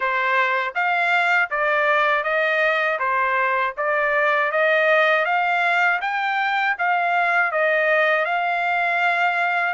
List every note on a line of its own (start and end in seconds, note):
0.00 0.73 C5
0.74 1.49 F5
1.50 2.23 D5
2.23 2.98 D#5
2.99 3.74 C5
3.77 4.51 D5
4.51 5.25 D#5
5.25 6.00 F5
6.01 6.76 G5
6.78 7.51 F5
7.51 8.25 D#5
8.25 9.74 F5